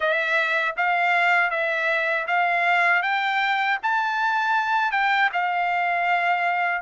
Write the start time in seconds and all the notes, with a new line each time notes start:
0.00 E5
0.77 F5
1.50 E5
2.27 F5
3.02 G5
3.83 A5
4.91 G5
5.32 F5